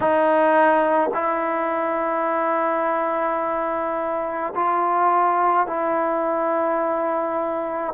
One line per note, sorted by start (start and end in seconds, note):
0.00 1.10 D#4
1.14 4.53 E4
4.55 5.67 F4
5.67 7.93 E4